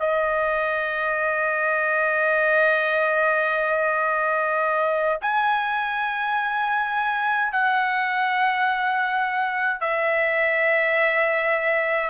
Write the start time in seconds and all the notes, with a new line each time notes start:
0.00 D#5
5.21 G#5
7.52 F#5
9.81 E5